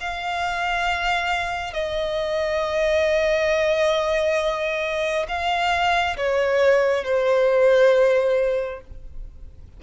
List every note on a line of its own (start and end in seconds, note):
0.00 1.73 F5
1.73 5.26 D#5
5.28 6.16 F5
6.17 7.04 C#5
7.04 8.80 C5